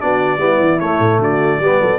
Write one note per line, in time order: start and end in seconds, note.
0.00 0.37 B3
0.00 0.38 D4
0.00 0.39 F#4
0.00 0.79 D5
0.37 0.57 G3
0.37 0.79 B3
0.37 1.19 E4
0.60 0.80 E3
0.79 0.99 A3
0.79 1.62 A3
0.79 1.20 C#5
0.99 1.18 A2
1.18 1.58 D3
1.18 1.60 F#4
1.18 1.99 D5
1.59 1.79 G3
1.59 1.99 B3
1.59 1.81 G4
1.81 1.99 F#3
1.81 1.99 A4